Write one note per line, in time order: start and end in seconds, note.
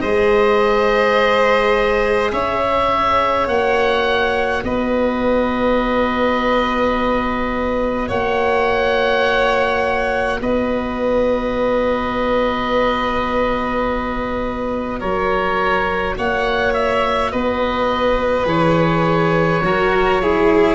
0.00 2.32 G#3
0.00 3.47 G#4
0.00 2.31 C5
0.00 2.31 D#5
2.32 3.47 C#4
2.32 4.63 C#5
2.32 3.48 E5
3.47 4.62 A#3
3.47 18.46 F#4
3.47 4.63 F#5
4.63 8.09 B3
4.63 8.08 B4
4.63 8.09 D#5
8.08 10.40 A#3
8.08 10.38 C#5
8.08 10.40 F#5
10.41 15.01 B3
10.41 14.99 B4
10.41 15.00 D#5
14.99 16.17 F#3
14.99 16.14 A#4
14.99 16.15 C#5
16.17 17.33 A#3
16.17 17.31 C#5
16.17 16.73 F#5
16.73 17.31 E5
17.31 18.45 B3
17.31 19.62 B4
17.31 18.46 D#5
18.45 19.60 E3
18.45 19.61 G#4
18.45 20.74 C#5
19.62 20.74 F#3
19.62 20.22 F#4
19.62 20.22 A#4
20.22 20.74 E4
20.22 20.74 G#4